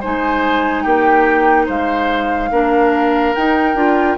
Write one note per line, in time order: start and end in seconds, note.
0.00 2.52 D#4
0.00 0.83 C5
0.00 0.82 G#5
0.06 0.85 G#3
0.82 1.68 A#3
0.82 1.65 G4
0.82 1.65 G5
1.65 2.50 G#3
1.65 2.49 C5
1.65 3.34 F5
2.50 3.34 A#3
2.50 3.35 D4
2.50 4.17 A#4
3.34 3.76 D#4
3.34 3.74 D#4
3.34 4.17 G5
3.74 4.16 D4
3.74 4.17 F4